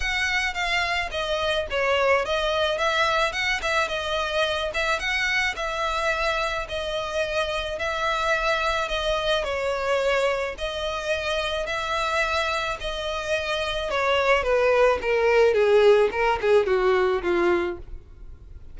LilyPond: \new Staff \with { instrumentName = "violin" } { \time 4/4 \tempo 4 = 108 fis''4 f''4 dis''4 cis''4 | dis''4 e''4 fis''8 e''8 dis''4~ | dis''8 e''8 fis''4 e''2 | dis''2 e''2 |
dis''4 cis''2 dis''4~ | dis''4 e''2 dis''4~ | dis''4 cis''4 b'4 ais'4 | gis'4 ais'8 gis'8 fis'4 f'4 | }